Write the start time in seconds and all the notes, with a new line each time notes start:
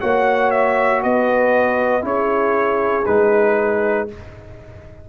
0.00 A#3 F#4 C#5 F#5
0.50 E5
1.03 B3 B4 D#5
2.01 C#4 E4 G#4 C#5
3.06 G#3 D#4 B4